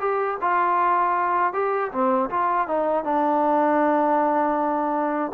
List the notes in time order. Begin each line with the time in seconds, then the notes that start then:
0.00 G4
0.41 F4
1.54 G4
1.92 C4
2.30 F4
2.68 D#4
3.04 D4